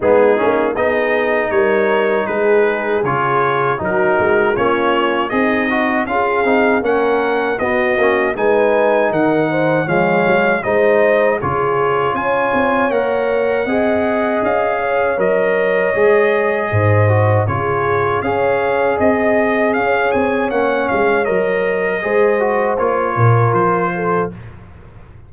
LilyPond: <<
  \new Staff \with { instrumentName = "trumpet" } { \time 4/4 \tempo 4 = 79 gis'4 dis''4 cis''4 b'4 | cis''4 ais'4 cis''4 dis''4 | f''4 fis''4 dis''4 gis''4 | fis''4 f''4 dis''4 cis''4 |
gis''4 fis''2 f''4 | dis''2. cis''4 | f''4 dis''4 f''8 gis''8 fis''8 f''8 | dis''2 cis''4 c''4 | }
  \new Staff \with { instrumentName = "horn" } { \time 4/4 dis'4 gis'4 ais'4 gis'4~ | gis'4 fis'4 f'4 dis'4 | gis'4 ais'4 fis'4 b'4 | ais'8 c''8 cis''4 c''4 gis'4 |
cis''2 dis''4. cis''8~ | cis''2 c''4 gis'4 | cis''4 dis''4 cis''2~ | cis''4 c''4. ais'4 a'8 | }
  \new Staff \with { instrumentName = "trombone" } { \time 4/4 b8 cis'8 dis'2. | f'4 dis'4 cis'4 gis'8 fis'8 | f'8 dis'8 cis'4 b8 cis'8 dis'4~ | dis'4 gis4 dis'4 f'4~ |
f'4 ais'4 gis'2 | ais'4 gis'4. fis'8 f'4 | gis'2. cis'4 | ais'4 gis'8 fis'8 f'2 | }
  \new Staff \with { instrumentName = "tuba" } { \time 4/4 gis8 ais8 b4 g4 gis4 | cis4 fis8 gis8 ais4 c'4 | cis'8 c'8 ais4 b8 ais8 gis4 | dis4 f8 fis8 gis4 cis4 |
cis'8 c'8 ais4 c'4 cis'4 | fis4 gis4 gis,4 cis4 | cis'4 c'4 cis'8 c'8 ais8 gis8 | fis4 gis4 ais8 ais,8 f4 | }
>>